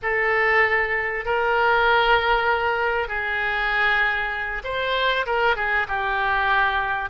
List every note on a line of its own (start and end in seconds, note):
0.02 1.25 A4
1.25 3.08 A#4
3.08 4.62 G#4
4.64 5.25 C5
5.25 5.56 A#4
5.56 5.87 G#4
5.88 7.09 G4